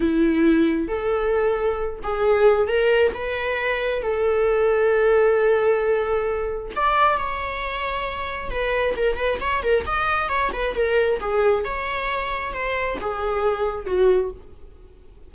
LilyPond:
\new Staff \with { instrumentName = "viola" } { \time 4/4 \tempo 4 = 134 e'2 a'2~ | a'8 gis'4. ais'4 b'4~ | b'4 a'2.~ | a'2. d''4 |
cis''2. b'4 | ais'8 b'8 cis''8 ais'8 dis''4 cis''8 b'8 | ais'4 gis'4 cis''2 | c''4 gis'2 fis'4 | }